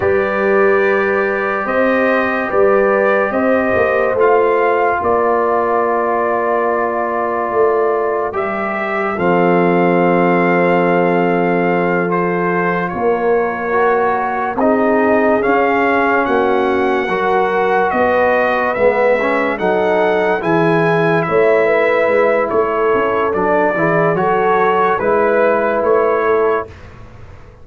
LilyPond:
<<
  \new Staff \with { instrumentName = "trumpet" } { \time 4/4 \tempo 4 = 72 d''2 dis''4 d''4 | dis''4 f''4 d''2~ | d''2 e''4 f''4~ | f''2~ f''8 c''4 cis''8~ |
cis''4. dis''4 f''4 fis''8~ | fis''4. dis''4 e''4 fis''8~ | fis''8 gis''4 e''4. cis''4 | d''4 cis''4 b'4 cis''4 | }
  \new Staff \with { instrumentName = "horn" } { \time 4/4 b'2 c''4 b'4 | c''2 ais'2~ | ais'2. a'4~ | a'2.~ a'8 ais'8~ |
ais'4. gis'2 fis'8~ | fis'8 ais'4 b'2 a'8~ | a'8 gis'4 cis''8 b'4 a'4~ | a'8 gis'8 a'4 b'4. a'8 | }
  \new Staff \with { instrumentName = "trombone" } { \time 4/4 g'1~ | g'4 f'2.~ | f'2 g'4 c'4~ | c'2~ c'8 f'4.~ |
f'8 fis'4 dis'4 cis'4.~ | cis'8 fis'2 b8 cis'8 dis'8~ | dis'8 e'2.~ e'8 | d'8 e'8 fis'4 e'2 | }
  \new Staff \with { instrumentName = "tuba" } { \time 4/4 g2 c'4 g4 | c'8 ais8 a4 ais2~ | ais4 a4 g4 f4~ | f2.~ f8 ais8~ |
ais4. c'4 cis'4 ais8~ | ais8 fis4 b4 gis4 fis8~ | fis8 e4 a4 gis8 a8 cis'8 | fis8 e8 fis4 gis4 a4 | }
>>